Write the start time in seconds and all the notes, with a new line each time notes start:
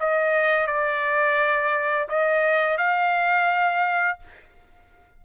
0.00 D#5
0.67 D5
2.09 D#5
2.78 F5